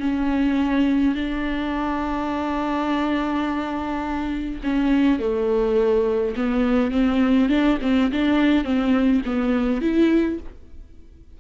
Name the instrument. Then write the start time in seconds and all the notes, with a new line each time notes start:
viola
0.00 C#4
1.15 D4
4.63 C#4
5.19 A3
6.36 B3
6.92 C4
7.49 D4
7.82 C4
8.12 D4
8.64 C4
9.25 B3
9.82 E4